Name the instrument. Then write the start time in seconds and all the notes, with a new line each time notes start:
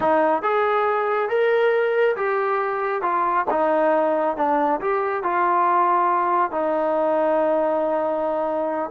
trombone
0.00 D#4
0.42 G#4
1.29 A#4
2.16 G4
3.02 F4
3.50 D#4
4.36 D4
4.80 G4
5.23 F4
6.51 D#4